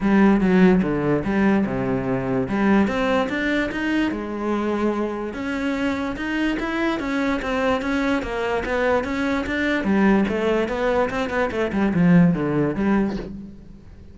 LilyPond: \new Staff \with { instrumentName = "cello" } { \time 4/4 \tempo 4 = 146 g4 fis4 d4 g4 | c2 g4 c'4 | d'4 dis'4 gis2~ | gis4 cis'2 dis'4 |
e'4 cis'4 c'4 cis'4 | ais4 b4 cis'4 d'4 | g4 a4 b4 c'8 b8 | a8 g8 f4 d4 g4 | }